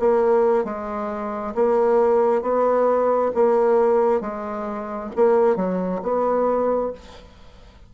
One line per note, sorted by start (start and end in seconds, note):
0.00 0.65 A#3
0.65 1.54 G#3
1.55 2.42 A#3
2.42 3.32 B3
3.35 4.21 A#3
4.21 5.11 G#3
5.16 5.56 A#3
5.56 6.01 F#3
6.03 6.92 B3